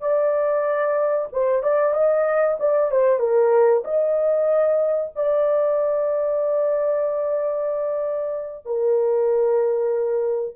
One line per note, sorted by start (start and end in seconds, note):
0.00 1.28 D5
1.32 1.62 C5
1.62 1.94 D5
1.94 2.57 D#5
2.59 2.91 D5
2.91 3.19 C5
3.19 3.83 A#4
3.84 5.12 D#5
5.15 8.65 D5
8.65 10.56 A#4